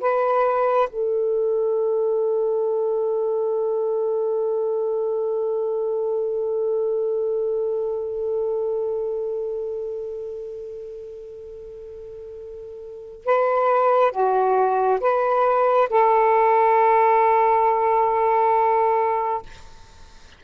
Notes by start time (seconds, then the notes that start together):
0.00 B4
0.89 A4
13.25 B4
14.11 F#4
15.00 B4
15.89 A4